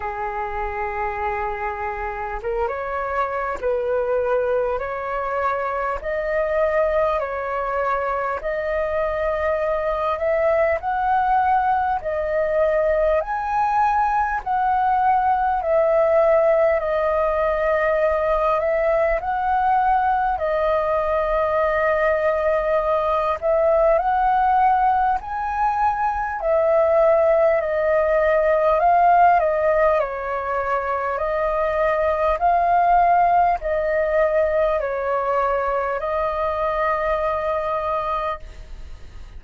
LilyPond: \new Staff \with { instrumentName = "flute" } { \time 4/4 \tempo 4 = 50 gis'2 ais'16 cis''8. b'4 | cis''4 dis''4 cis''4 dis''4~ | dis''8 e''8 fis''4 dis''4 gis''4 | fis''4 e''4 dis''4. e''8 |
fis''4 dis''2~ dis''8 e''8 | fis''4 gis''4 e''4 dis''4 | f''8 dis''8 cis''4 dis''4 f''4 | dis''4 cis''4 dis''2 | }